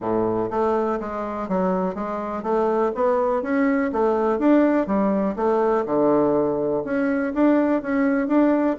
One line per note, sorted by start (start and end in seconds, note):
0.00 0.49 A2
0.50 0.99 A3
1.00 1.48 G#3
1.48 1.94 F#3
1.94 2.42 G#3
2.42 2.91 A3
2.94 3.42 B3
3.42 3.91 C#4
3.92 4.38 A3
4.38 4.86 D4
4.86 5.35 G3
5.36 5.84 A3
5.85 6.83 D3
6.84 7.33 C#4
7.33 7.82 D4
7.82 8.27 C#4
8.27 8.76 D4